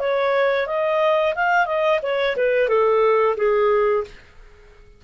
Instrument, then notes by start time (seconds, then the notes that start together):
clarinet
0.00 C#5
0.67 D#5
1.36 F5
1.66 D#5
2.03 C#5
2.37 B4
2.69 A4
3.37 G#4